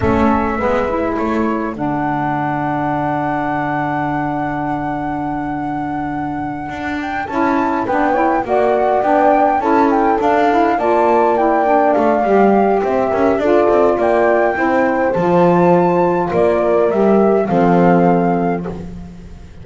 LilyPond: <<
  \new Staff \with { instrumentName = "flute" } { \time 4/4 \tempo 4 = 103 e''2 cis''4 fis''4~ | fis''1~ | fis''1 | g''8 a''4 g''4 fis''4 g''8~ |
g''8 a''8 g''8 f''4 a''4 g''8~ | g''8 f''4. e''4 d''4 | g''2 a''2 | d''4 e''4 f''2 | }
  \new Staff \with { instrumentName = "horn" } { \time 4/4 a'4 b'4 a'2~ | a'1~ | a'1~ | a'4. b'8 cis''8 d''4.~ |
d''8 a'2 d''4.~ | d''2 c''8 ais'8 a'4 | d''4 c''2. | ais'2 a'2 | }
  \new Staff \with { instrumentName = "saxophone" } { \time 4/4 cis'4 b8 e'4. d'4~ | d'1~ | d'1~ | d'8 e'4 d'8 e'8 fis'4 d'8~ |
d'8 e'4 d'8 e'8 f'4 e'8 | d'4 g'2 f'4~ | f'4 e'4 f'2~ | f'4 g'4 c'2 | }
  \new Staff \with { instrumentName = "double bass" } { \time 4/4 a4 gis4 a4 d4~ | d1~ | d2.~ d8 d'8~ | d'8 cis'4 b4 ais4 b8~ |
b8 cis'4 d'4 ais4.~ | ais8 a8 g4 c'8 cis'8 d'8 c'8 | ais4 c'4 f2 | ais4 g4 f2 | }
>>